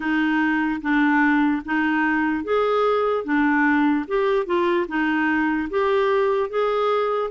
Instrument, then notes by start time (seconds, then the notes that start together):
clarinet
0.00 D#4
0.81 D4
1.65 D#4
2.43 G#4
3.24 D4
4.07 G4
4.46 F4
4.88 D#4
5.69 G4
6.49 G#4